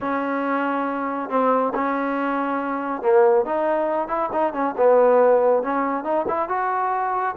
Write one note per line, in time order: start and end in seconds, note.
0.01 1.29 C#4
1.29 1.72 C4
1.74 3.01 C#4
3.01 3.45 A#3
3.45 4.08 D#4
4.08 4.29 E4
4.32 4.53 D#4
4.53 4.74 C#4
4.77 5.62 B3
5.62 6.04 C#4
6.04 6.25 D#4
6.27 6.48 E4
6.48 7.35 F#4